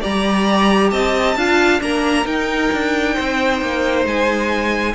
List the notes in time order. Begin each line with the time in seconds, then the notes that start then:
0.00 G3 G4 D5 A#5
0.90 C4 D#5 A5
1.35 D4 F4 F5
1.79 A#3 D4 A#4 A#5
2.25 D#4 G5
2.72 D4
3.14 C4 C5
3.61 A#3
4.04 G#3 G#5